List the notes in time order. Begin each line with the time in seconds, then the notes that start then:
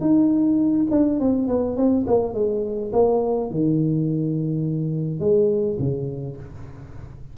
0.00 D#4
0.90 D4
1.19 C4
1.47 B3
1.76 C4
2.07 A#3
2.34 G#3
2.92 A#3
3.50 D#3
5.19 G#3
5.79 C#3